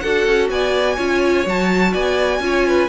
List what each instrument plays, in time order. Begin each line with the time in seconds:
0.00 cello D4, viola F#4, violin A4 F#5
0.27 cello C#4
0.50 cello B3, violin D5 G#5
0.96 cello C#4, viola F4, violin C#5
1.46 cello F#3, viola F#4, violin A5
1.92 cello B3, violin D5 G#5
2.40 cello C#4, viola F4, violin C#5
2.67 violin B4